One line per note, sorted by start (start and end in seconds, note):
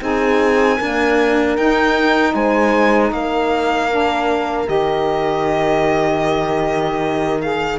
0.00 0.79 C4
0.00 0.78 D#4
0.00 0.77 G#4
0.00 1.57 G#5
0.77 1.58 A#3
0.77 1.58 D4
0.77 2.33 A#4
1.57 3.89 D#4
1.57 2.35 D#4
1.57 2.35 G5
2.35 3.12 G#3
2.35 3.13 C5
2.35 3.13 G#5
3.12 4.68 A#3
3.12 7.79 A#4
3.12 4.69 F5
3.89 4.67 D4
4.67 7.79 D#3
4.67 7.39 G4
4.67 7.42 D#5
7.41 7.79 G#4
7.41 7.79 F5